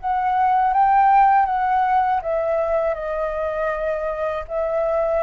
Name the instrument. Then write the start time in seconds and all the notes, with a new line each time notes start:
flute
0.00 F#5
0.73 G5
1.46 F#5
2.22 E5
2.95 D#5
4.48 E5